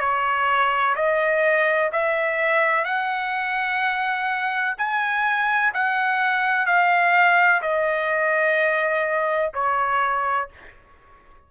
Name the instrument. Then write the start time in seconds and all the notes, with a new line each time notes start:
trumpet
0.00 C#5
0.96 D#5
1.92 E5
2.85 F#5
4.78 G#5
5.74 F#5
6.67 F5
7.62 D#5
9.54 C#5